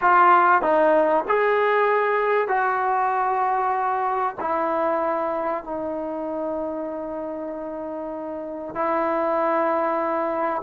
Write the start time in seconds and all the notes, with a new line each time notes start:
0.01 F4
0.62 D#4
1.28 G#4
2.48 F#4
4.40 E4
5.63 D#4
8.74 E4